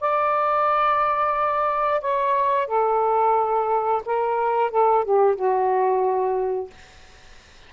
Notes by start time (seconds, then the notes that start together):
0.00 D5
2.00 C#5
2.67 A4
4.05 A#4
4.70 A4
5.04 G4
5.35 F#4